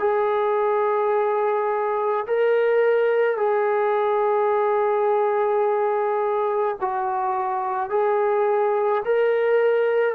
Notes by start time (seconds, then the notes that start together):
0.00 G#4
2.27 A#4
3.38 G#4
6.81 F#4
7.90 G#4
9.06 A#4